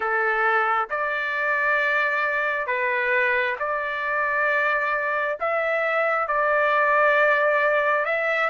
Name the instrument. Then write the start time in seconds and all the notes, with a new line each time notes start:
trumpet
0.00 A4
0.90 D5
2.66 B4
3.59 D5
5.40 E5
6.27 D5
8.05 E5